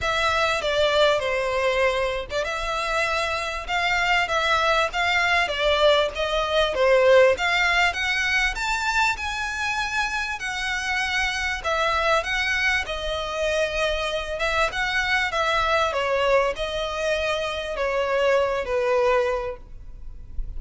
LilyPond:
\new Staff \with { instrumentName = "violin" } { \time 4/4 \tempo 4 = 98 e''4 d''4 c''4.~ c''16 d''16 | e''2 f''4 e''4 | f''4 d''4 dis''4 c''4 | f''4 fis''4 a''4 gis''4~ |
gis''4 fis''2 e''4 | fis''4 dis''2~ dis''8 e''8 | fis''4 e''4 cis''4 dis''4~ | dis''4 cis''4. b'4. | }